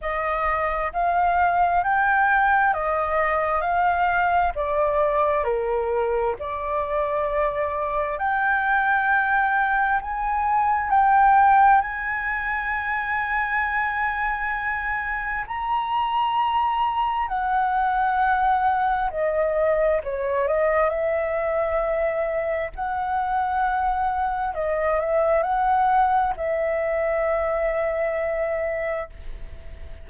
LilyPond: \new Staff \with { instrumentName = "flute" } { \time 4/4 \tempo 4 = 66 dis''4 f''4 g''4 dis''4 | f''4 d''4 ais'4 d''4~ | d''4 g''2 gis''4 | g''4 gis''2.~ |
gis''4 ais''2 fis''4~ | fis''4 dis''4 cis''8 dis''8 e''4~ | e''4 fis''2 dis''8 e''8 | fis''4 e''2. | }